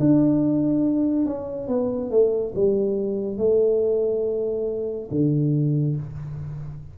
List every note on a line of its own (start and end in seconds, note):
0.00 1.26 D4
1.26 1.68 C#4
1.68 2.11 B3
2.11 2.54 A3
2.55 3.38 G3
3.38 5.10 A3
5.11 5.97 D3